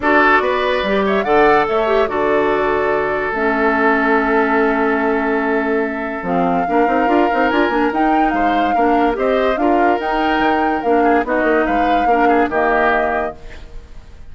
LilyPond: <<
  \new Staff \with { instrumentName = "flute" } { \time 4/4 \tempo 4 = 144 d''2~ d''8 e''8 fis''4 | e''4 d''2. | e''1~ | e''2. f''4~ |
f''2 gis''4 g''4 | f''2 dis''4 f''4 | g''2 f''4 dis''4 | f''2 dis''2 | }
  \new Staff \with { instrumentName = "oboe" } { \time 4/4 a'4 b'4. cis''8 d''4 | cis''4 a'2.~ | a'1~ | a'1 |
ais'1 | c''4 ais'4 c''4 ais'4~ | ais'2~ ais'8 gis'8 fis'4 | b'4 ais'8 gis'8 g'2 | }
  \new Staff \with { instrumentName = "clarinet" } { \time 4/4 fis'2 g'4 a'4~ | a'8 g'8 fis'2. | cis'1~ | cis'2. c'4 |
d'8 dis'8 f'8 dis'8 f'8 d'8 dis'4~ | dis'4 d'4 g'4 f'4 | dis'2 d'4 dis'4~ | dis'4 d'4 ais2 | }
  \new Staff \with { instrumentName = "bassoon" } { \time 4/4 d'4 b4 g4 d4 | a4 d2. | a1~ | a2. f4 |
ais8 c'8 d'8 c'8 d'8 ais8 dis'4 | gis4 ais4 c'4 d'4 | dis'4 dis4 ais4 b8 ais8 | gis4 ais4 dis2 | }
>>